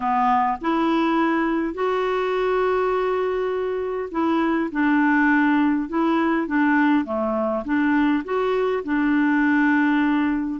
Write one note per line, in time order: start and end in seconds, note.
0.00 0.57 B3
0.61 1.74 E4
1.74 4.09 F#4
4.11 4.70 E4
4.71 5.88 D4
5.88 6.47 E4
6.47 7.04 D4
7.04 7.63 A3
7.64 8.23 D4
8.24 8.83 F#4
8.84 10.60 D4